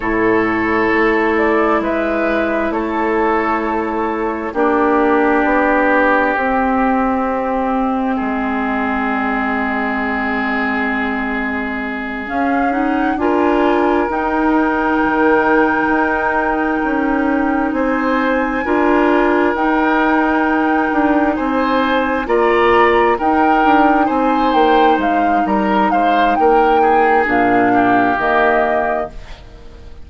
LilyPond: <<
  \new Staff \with { instrumentName = "flute" } { \time 4/4 \tempo 4 = 66 cis''4. d''8 e''4 cis''4~ | cis''4 d''2 dis''4~ | dis''1~ | dis''4. f''8 fis''8 gis''4 g''8~ |
g''2.~ g''8 gis''8~ | gis''4. g''2 gis''8~ | gis''8 ais''4 g''4 gis''8 g''8 f''8 | ais''8 f''8 g''4 f''4 dis''4 | }
  \new Staff \with { instrumentName = "oboe" } { \time 4/4 a'2 b'4 a'4~ | a'4 g'2.~ | g'4 gis'2.~ | gis'2~ gis'8 ais'4.~ |
ais'2.~ ais'8 c''8~ | c''8 ais'2. c''8~ | c''8 d''4 ais'4 c''4. | ais'8 c''8 ais'8 gis'4 g'4. | }
  \new Staff \with { instrumentName = "clarinet" } { \time 4/4 e'1~ | e'4 d'2 c'4~ | c'1~ | c'4. cis'8 dis'8 f'4 dis'8~ |
dis'1~ | dis'8 f'4 dis'2~ dis'8~ | dis'8 f'4 dis'2~ dis'8~ | dis'2 d'4 ais4 | }
  \new Staff \with { instrumentName = "bassoon" } { \time 4/4 a,4 a4 gis4 a4~ | a4 ais4 b4 c'4~ | c'4 gis2.~ | gis4. cis'4 d'4 dis'8~ |
dis'8 dis4 dis'4 cis'4 c'8~ | c'8 d'4 dis'4. d'8 c'8~ | c'8 ais4 dis'8 d'8 c'8 ais8 gis8 | g8 gis8 ais4 ais,4 dis4 | }
>>